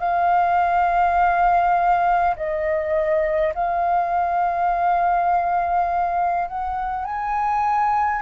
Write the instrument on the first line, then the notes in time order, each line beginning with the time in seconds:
flute
0.00 F5
2.36 D#5
3.55 F5
6.48 F#5
7.05 G#5